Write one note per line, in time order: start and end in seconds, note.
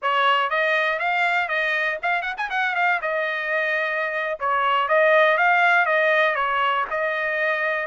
0.01 0.50 C#5
0.50 0.99 D#5
0.99 1.48 F5
1.48 1.98 D#5
2.02 2.22 F5
2.22 2.34 F#5
2.37 2.49 G#5
2.50 2.75 F#5
2.75 3.00 F5
3.01 4.39 D#5
4.39 4.88 C#5
4.88 5.37 D#5
5.37 5.85 F5
5.85 6.35 D#5
6.35 6.85 C#5
6.90 7.86 D#5